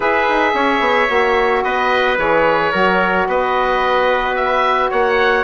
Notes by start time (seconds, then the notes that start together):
0.00 E4 G#4 B4 E5
0.29 D#4
0.54 C#4 C#5
0.79 B3
1.07 A#3 F#4
1.63 B3 B4 D#5
2.17 E3 G#4 C#5
2.72 F#3 F#4 A#4
3.27 B3 B4 D#5
4.35 E5
4.90 A#3 C#5 F#5